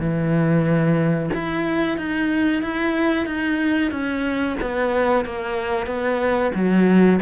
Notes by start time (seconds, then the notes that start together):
0.00 E3
1.34 E4
1.98 D#4
2.63 E4
3.26 D#4
3.92 C#4
4.62 B3
5.26 A#3
5.87 B3
6.55 F#3